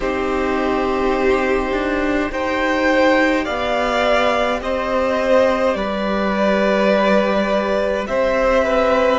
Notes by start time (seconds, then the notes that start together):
0.00 C4 D#4 G4 C5
1.72 D4
2.31 D#4 G4 C5 G5
3.44 B3 D5 F5
4.61 C4 C5 D#5
5.74 G3 B4 D5
8.07 C4 C5 E5
8.64 B4